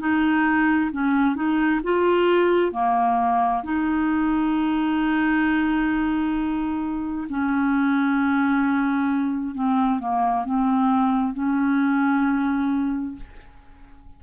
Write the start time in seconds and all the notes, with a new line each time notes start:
0.00 D#4
0.93 C#4
1.36 D#4
1.84 F4
2.73 A#3
3.64 D#4
7.30 C#4
9.55 C4
10.00 A#3
10.45 C4
11.34 C#4